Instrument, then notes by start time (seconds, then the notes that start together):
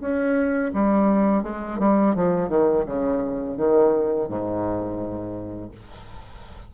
bassoon
0.00 C#4
0.73 G3
1.43 G#3
1.79 G3
2.15 F3
2.48 D#3
2.86 C#3
3.56 D#3
4.28 G#2